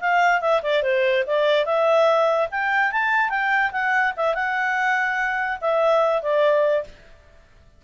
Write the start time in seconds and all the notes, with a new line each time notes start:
0.00 F5
0.40 E5
0.62 D5
0.82 C5
1.26 D5
1.65 E5
2.51 G5
2.92 A5
3.29 G5
3.71 F#5
4.16 E5
4.34 F#5
5.61 E5
6.22 D5